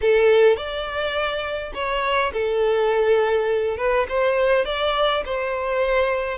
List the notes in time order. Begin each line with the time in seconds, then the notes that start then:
0.01 A4
0.56 D5
1.74 C#5
2.33 A4
3.77 B4
4.09 C5
4.65 D5
5.25 C5